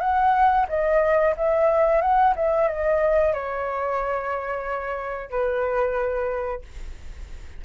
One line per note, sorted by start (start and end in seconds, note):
0.00 0.66 F#5
0.68 1.34 D#5
1.36 2.01 E5
2.01 2.34 F#5
2.35 2.68 E5
2.68 3.33 D#5
3.33 5.30 C#5
5.30 6.61 B4